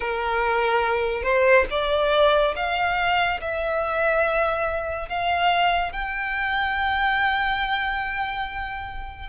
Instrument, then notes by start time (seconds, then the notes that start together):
violin
0.00 A#4
1.23 C5
1.70 D5
2.55 F5
3.40 E5
5.08 F5
5.92 G5